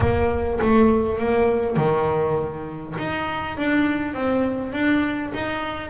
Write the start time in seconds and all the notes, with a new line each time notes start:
0.00 A#3
0.61 A3
1.19 A#3
1.76 D#3
2.98 D#4
3.57 D4
4.14 C4
4.73 D4
5.33 D#4